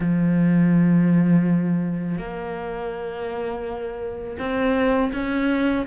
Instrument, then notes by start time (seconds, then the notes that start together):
cello
0.00 F3
2.18 A#3
4.38 C4
5.12 C#4